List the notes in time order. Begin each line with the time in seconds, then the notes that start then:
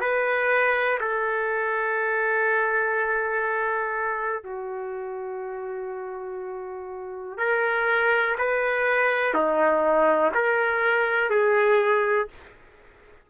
0.00 B4
1.00 A4
4.43 F#4
7.37 A#4
8.37 B4
9.34 D#4
10.34 A#4
11.30 G#4